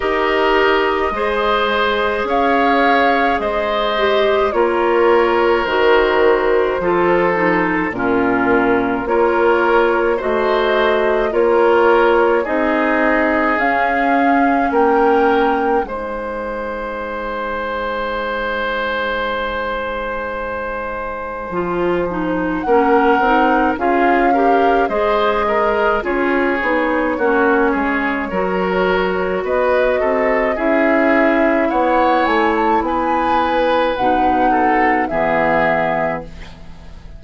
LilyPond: <<
  \new Staff \with { instrumentName = "flute" } { \time 4/4 \tempo 4 = 53 dis''2 f''4 dis''4 | cis''4 c''2 ais'4 | cis''4 dis''4 cis''4 dis''4 | f''4 g''4 gis''2~ |
gis''1 | fis''4 f''4 dis''4 cis''4~ | cis''2 dis''4 e''4 | fis''8 gis''16 a''16 gis''4 fis''4 e''4 | }
  \new Staff \with { instrumentName = "oboe" } { \time 4/4 ais'4 c''4 cis''4 c''4 | ais'2 a'4 f'4 | ais'4 c''4 ais'4 gis'4~ | gis'4 ais'4 c''2~ |
c''1 | ais'4 gis'8 ais'8 c''8 ais'8 gis'4 | fis'8 gis'8 ais'4 b'8 a'8 gis'4 | cis''4 b'4. a'8 gis'4 | }
  \new Staff \with { instrumentName = "clarinet" } { \time 4/4 g'4 gis'2~ gis'8 g'8 | f'4 fis'4 f'8 dis'8 cis'4 | f'4 fis'4 f'4 dis'4 | cis'2 dis'2~ |
dis'2. f'8 dis'8 | cis'8 dis'8 f'8 g'8 gis'4 f'8 dis'8 | cis'4 fis'2 e'4~ | e'2 dis'4 b4 | }
  \new Staff \with { instrumentName = "bassoon" } { \time 4/4 dis'4 gis4 cis'4 gis4 | ais4 dis4 f4 ais,4 | ais4 a4 ais4 c'4 | cis'4 ais4 gis2~ |
gis2. f4 | ais8 c'8 cis'4 gis4 cis'8 b8 | ais8 gis8 fis4 b8 c'8 cis'4 | b8 a8 b4 b,4 e4 | }
>>